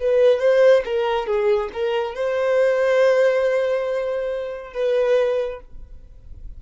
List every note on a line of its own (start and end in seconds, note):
0.00 0.40 B4
0.40 0.83 C5
0.85 1.26 A#4
1.26 1.70 G#4
1.73 2.15 A#4
2.15 4.74 C5
4.74 5.60 B4